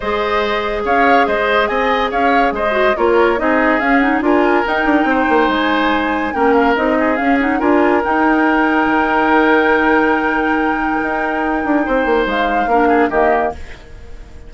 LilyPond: <<
  \new Staff \with { instrumentName = "flute" } { \time 4/4 \tempo 4 = 142 dis''2 f''4 dis''4 | gis''4 f''4 dis''4 cis''4 | dis''4 f''8 fis''8 gis''4 g''4~ | g''4 gis''2 g''8 f''8 |
dis''4 f''8 fis''8 gis''4 g''4~ | g''1~ | g''1~ | g''4 f''2 dis''4 | }
  \new Staff \with { instrumentName = "oboe" } { \time 4/4 c''2 cis''4 c''4 | dis''4 cis''4 c''4 ais'4 | gis'2 ais'2 | c''2. ais'4~ |
ais'8 gis'4. ais'2~ | ais'1~ | ais'1 | c''2 ais'8 gis'8 g'4 | }
  \new Staff \with { instrumentName = "clarinet" } { \time 4/4 gis'1~ | gis'2~ gis'8 fis'8 f'4 | dis'4 cis'8 dis'8 f'4 dis'4~ | dis'2. cis'4 |
dis'4 cis'8 dis'8 f'4 dis'4~ | dis'1~ | dis'1~ | dis'2 d'4 ais4 | }
  \new Staff \with { instrumentName = "bassoon" } { \time 4/4 gis2 cis'4 gis4 | c'4 cis'4 gis4 ais4 | c'4 cis'4 d'4 dis'8 d'8 | c'8 ais8 gis2 ais4 |
c'4 cis'4 d'4 dis'4~ | dis'4 dis2.~ | dis2 dis'4. d'8 | c'8 ais8 gis4 ais4 dis4 | }
>>